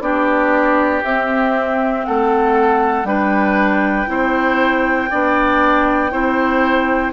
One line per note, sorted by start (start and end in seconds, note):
0.00 1.02 B3
0.00 1.02 D4
0.00 2.06 G4
0.00 1.02 D5
1.03 2.06 C4
1.03 3.05 C4
1.03 2.05 E5
2.05 3.04 A3
2.05 3.07 A4
2.05 3.06 F#5
3.04 4.06 G3
3.04 4.06 D4
3.04 4.09 B4
3.04 7.12 G5
4.06 5.10 C4
4.06 5.08 E4
4.06 5.10 C5
5.10 6.12 B3
5.10 6.11 D4
5.10 6.11 D5
6.11 7.13 C4
6.11 7.12 E4
6.11 7.13 C5